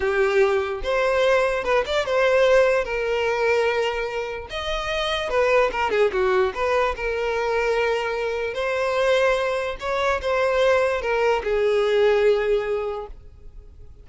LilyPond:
\new Staff \with { instrumentName = "violin" } { \time 4/4 \tempo 4 = 147 g'2 c''2 | b'8 d''8 c''2 ais'4~ | ais'2. dis''4~ | dis''4 b'4 ais'8 gis'8 fis'4 |
b'4 ais'2.~ | ais'4 c''2. | cis''4 c''2 ais'4 | gis'1 | }